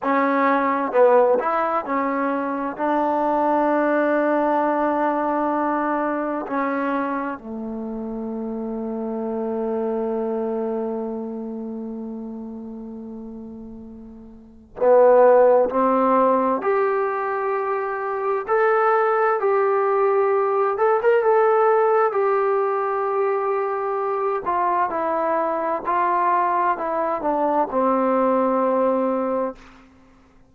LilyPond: \new Staff \with { instrumentName = "trombone" } { \time 4/4 \tempo 4 = 65 cis'4 b8 e'8 cis'4 d'4~ | d'2. cis'4 | a1~ | a1 |
b4 c'4 g'2 | a'4 g'4. a'16 ais'16 a'4 | g'2~ g'8 f'8 e'4 | f'4 e'8 d'8 c'2 | }